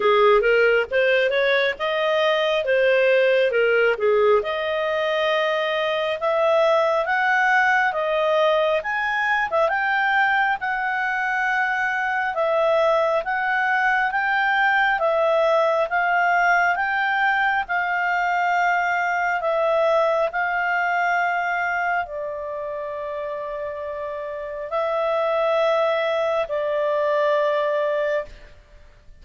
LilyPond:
\new Staff \with { instrumentName = "clarinet" } { \time 4/4 \tempo 4 = 68 gis'8 ais'8 c''8 cis''8 dis''4 c''4 | ais'8 gis'8 dis''2 e''4 | fis''4 dis''4 gis''8. e''16 g''4 | fis''2 e''4 fis''4 |
g''4 e''4 f''4 g''4 | f''2 e''4 f''4~ | f''4 d''2. | e''2 d''2 | }